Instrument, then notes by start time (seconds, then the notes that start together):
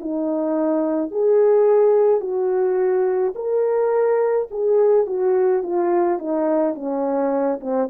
horn
0.00 D#4
1.11 G#4
2.20 F#4
3.35 A#4
4.51 G#4
5.06 F#4
5.63 F4
6.19 D#4
6.75 C#4
7.61 C4